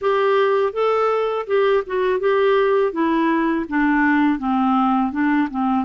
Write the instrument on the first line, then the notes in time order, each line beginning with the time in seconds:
clarinet
0.01 G4
0.73 A4
1.46 G4
1.86 F#4
2.19 G4
2.92 E4
3.69 D4
4.39 C4
5.12 D4
5.50 C4